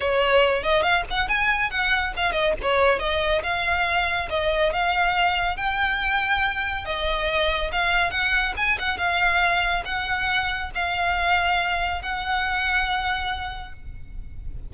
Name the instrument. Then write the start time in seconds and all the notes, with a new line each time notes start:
violin
0.00 C#5
0.63 D#5
0.82 F5
1.10 F#5
1.28 G#5
1.70 F#5
2.16 F5
2.32 D#5
2.61 C#5
2.99 D#5
3.43 F5
4.29 D#5
4.72 F5
5.56 G5
6.85 D#5
7.72 F5
8.10 F#5
8.56 G#5
8.78 F#5
8.97 F5
9.85 F#5
10.74 F5
12.01 F#5